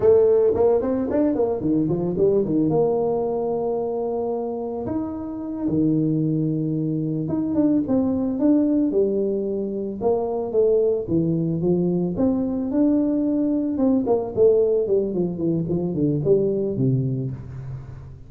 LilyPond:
\new Staff \with { instrumentName = "tuba" } { \time 4/4 \tempo 4 = 111 a4 ais8 c'8 d'8 ais8 dis8 f8 | g8 dis8 ais2.~ | ais4 dis'4. dis4.~ | dis4. dis'8 d'8 c'4 d'8~ |
d'8 g2 ais4 a8~ | a8 e4 f4 c'4 d'8~ | d'4. c'8 ais8 a4 g8 | f8 e8 f8 d8 g4 c4 | }